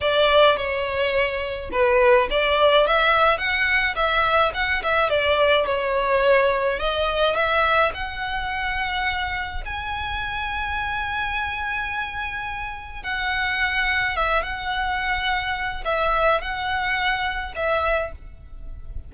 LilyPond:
\new Staff \with { instrumentName = "violin" } { \time 4/4 \tempo 4 = 106 d''4 cis''2 b'4 | d''4 e''4 fis''4 e''4 | fis''8 e''8 d''4 cis''2 | dis''4 e''4 fis''2~ |
fis''4 gis''2.~ | gis''2. fis''4~ | fis''4 e''8 fis''2~ fis''8 | e''4 fis''2 e''4 | }